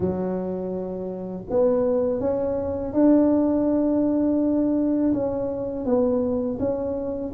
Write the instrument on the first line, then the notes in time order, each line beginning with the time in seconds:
tuba
0.00 F#3
1.50 B3
2.20 C#4
2.93 D4
5.13 C#4
5.85 B3
6.59 C#4